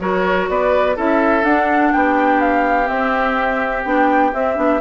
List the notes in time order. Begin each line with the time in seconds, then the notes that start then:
0.00 F#3 F#4 A#4 C#5
0.49 B3 B4 D5
0.96 C#4 E4 A4 E5
1.43 D4 F#5
1.93 B3 G4 G5
2.41 F5
2.86 C4 E5
3.84 B3 D4 G5
4.34 C4 E5
4.56 B3 D4